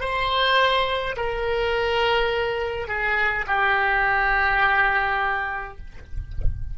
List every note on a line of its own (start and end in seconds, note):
0.00 1.15 C5
1.16 2.87 A#4
2.87 3.45 G#4
3.47 5.77 G4